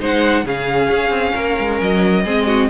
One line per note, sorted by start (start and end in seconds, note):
0.00 0.44 G#3
0.00 0.45 D#4
0.00 0.45 C5
0.00 0.47 F#5
0.44 0.89 C#3
0.44 2.24 C#4
0.44 1.34 G#4
0.44 1.81 F5
0.90 1.10 C#4
1.10 1.32 C4
1.34 1.58 A#3
1.34 2.23 A#4
1.59 1.81 G#3
1.81 2.25 F#3
1.81 2.70 D#5
2.25 2.70 G#3
2.25 2.70 C4
2.25 2.47 G#4
2.47 2.69 F#4